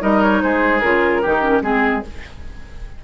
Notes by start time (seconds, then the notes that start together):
0.00 G3 D#4 A#4 D#5
0.23 C#5
0.42 G#3 G#4 C5
0.80 C#3 F4 A#4
1.22 D#3 D#4 G4
1.42 C#4
1.62 G#3 C4 G#4